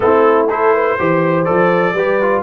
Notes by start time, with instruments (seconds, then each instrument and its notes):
0.00 tuba A3, trombone C4, horn E4, trumpet A4
0.49 trombone E4, horn A4, trumpet C5
0.73 horn B4
0.98 tuba E3, trombone G4, horn C5
1.44 tuba F3, trombone A4, trumpet D5
1.93 tuba G3, trombone G4, horn B4
2.21 trombone F4